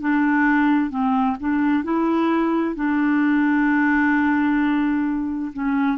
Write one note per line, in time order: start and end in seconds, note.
0.00 0.90 D4
0.90 1.36 C4
1.40 1.83 D4
1.83 2.75 E4
2.75 5.52 D4
5.53 5.97 C#4